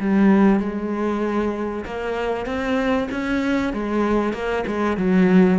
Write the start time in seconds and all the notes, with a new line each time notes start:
0.00 G3
0.59 G#3
1.85 A#3
2.46 C4
3.11 C#4
3.73 G#3
4.33 A#3
4.67 G#3
4.97 F#3